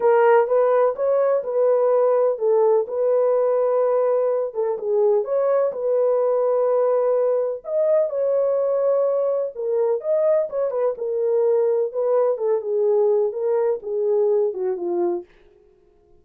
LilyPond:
\new Staff \with { instrumentName = "horn" } { \time 4/4 \tempo 4 = 126 ais'4 b'4 cis''4 b'4~ | b'4 a'4 b'2~ | b'4. a'8 gis'4 cis''4 | b'1 |
dis''4 cis''2. | ais'4 dis''4 cis''8 b'8 ais'4~ | ais'4 b'4 a'8 gis'4. | ais'4 gis'4. fis'8 f'4 | }